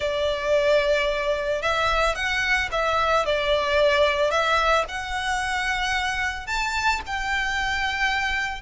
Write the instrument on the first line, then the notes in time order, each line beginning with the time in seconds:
violin
0.00 D5
1.61 E5
2.15 F#5
2.71 E5
3.25 D5
4.30 E5
4.88 F#5
6.46 A5
7.06 G5